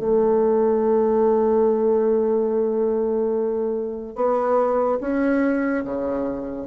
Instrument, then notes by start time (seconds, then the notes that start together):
bassoon
0.00 A3
4.16 B3
5.01 C#4
5.85 C#3